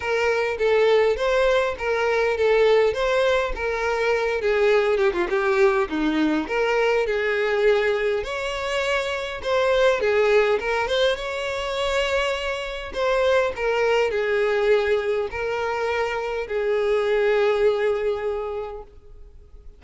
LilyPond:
\new Staff \with { instrumentName = "violin" } { \time 4/4 \tempo 4 = 102 ais'4 a'4 c''4 ais'4 | a'4 c''4 ais'4. gis'8~ | gis'8 g'16 f'16 g'4 dis'4 ais'4 | gis'2 cis''2 |
c''4 gis'4 ais'8 c''8 cis''4~ | cis''2 c''4 ais'4 | gis'2 ais'2 | gis'1 | }